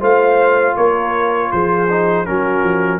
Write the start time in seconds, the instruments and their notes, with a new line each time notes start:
0.00 tuba A3, trombone F4, horn C5, trumpet F5
0.76 tuba A#3, horn A#4, trumpet C#5
1.52 tuba F3, horn G#4, trumpet C5
1.90 trombone D#4
2.25 tuba F#3, trombone C#4, horn F#4, trumpet A#4
2.63 tuba F3